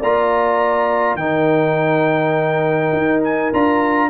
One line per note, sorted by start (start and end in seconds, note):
0.00 1.16 A#3
0.00 1.20 F4
0.00 1.18 D5
0.00 1.17 A#5
1.16 2.92 D#3
1.16 3.54 D#4
1.16 4.10 A#4
1.16 3.22 G5
2.93 3.52 D#4
3.24 3.53 G#5
3.53 4.10 D4
3.53 4.10 F4
3.53 4.10 A#5